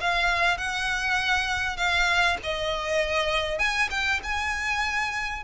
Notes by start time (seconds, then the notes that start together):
0.00 F5
0.57 F#5
1.76 F5
2.43 D#5
3.58 G#5
3.90 G5
4.23 G#5